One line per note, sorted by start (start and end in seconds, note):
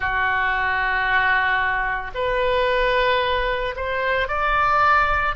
0.00 2.11 F#4
2.14 3.75 B4
3.75 4.28 C5
4.28 5.35 D5